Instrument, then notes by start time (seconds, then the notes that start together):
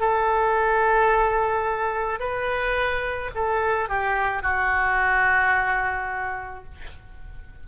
oboe
0.00 A4
2.20 B4
3.35 A4
3.89 G4
4.42 F#4